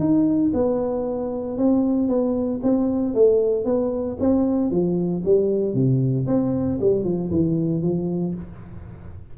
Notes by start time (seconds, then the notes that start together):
0.00 D#4
0.54 B3
1.58 C4
2.08 B3
2.63 C4
3.14 A3
3.65 B3
4.20 C4
4.71 F3
5.25 G3
5.74 C3
6.27 C4
6.81 G3
7.04 F3
7.31 E3
7.83 F3